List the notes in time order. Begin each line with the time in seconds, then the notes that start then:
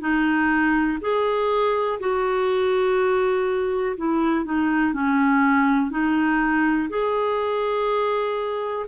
0.00 D#4
1.01 G#4
2.00 F#4
3.97 E4
4.45 D#4
4.94 C#4
5.91 D#4
6.89 G#4